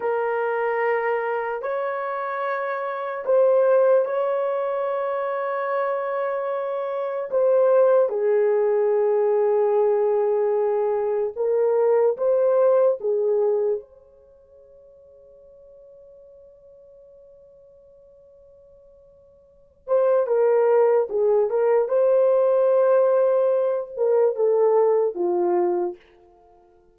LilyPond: \new Staff \with { instrumentName = "horn" } { \time 4/4 \tempo 4 = 74 ais'2 cis''2 | c''4 cis''2.~ | cis''4 c''4 gis'2~ | gis'2 ais'4 c''4 |
gis'4 cis''2.~ | cis''1~ | cis''8 c''8 ais'4 gis'8 ais'8 c''4~ | c''4. ais'8 a'4 f'4 | }